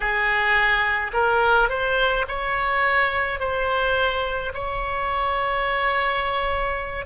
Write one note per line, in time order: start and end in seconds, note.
0.00 1.11 G#4
1.13 1.69 A#4
1.69 2.25 C5
2.27 3.40 C#5
3.40 4.53 C5
4.53 7.05 C#5